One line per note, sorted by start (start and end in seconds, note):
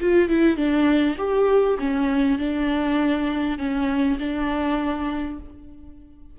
0.00 0.28 F4
0.28 0.56 E4
0.56 1.16 D4
1.17 1.77 G4
1.78 2.38 C#4
2.38 3.58 D4
3.58 4.18 C#4
4.19 5.39 D4